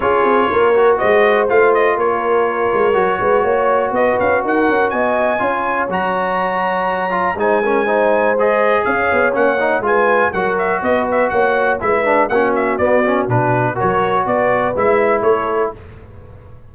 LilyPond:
<<
  \new Staff \with { instrumentName = "trumpet" } { \time 4/4 \tempo 4 = 122 cis''2 dis''4 f''8 dis''8 | cis''1 | dis''8 f''8 fis''4 gis''2 | ais''2. gis''4~ |
gis''4 dis''4 f''4 fis''4 | gis''4 fis''8 e''8 dis''8 e''8 fis''4 | e''4 fis''8 e''8 d''4 b'4 | cis''4 d''4 e''4 cis''4 | }
  \new Staff \with { instrumentName = "horn" } { \time 4/4 gis'4 ais'4 c''2 | ais'2~ ais'8 b'8 cis''4 | b'4 ais'4 dis''4 cis''4~ | cis''2. c''8 ais'8 |
c''2 cis''2 | b'4 ais'4 b'4 cis''4 | b'4 fis'2. | ais'4 b'2 a'4 | }
  \new Staff \with { instrumentName = "trombone" } { \time 4/4 f'4. fis'4. f'4~ | f'2 fis'2~ | fis'2. f'4 | fis'2~ fis'8 f'8 dis'8 cis'8 |
dis'4 gis'2 cis'8 dis'8 | f'4 fis'2. | e'8 d'8 cis'4 b8 cis'8 d'4 | fis'2 e'2 | }
  \new Staff \with { instrumentName = "tuba" } { \time 4/4 cis'8 c'8 ais4 gis4 a4 | ais4. gis8 fis8 gis8 ais4 | b8 cis'8 dis'8 cis'8 b4 cis'4 | fis2. gis4~ |
gis2 cis'8 b8 ais4 | gis4 fis4 b4 ais4 | gis4 ais4 b4 b,4 | fis4 b4 gis4 a4 | }
>>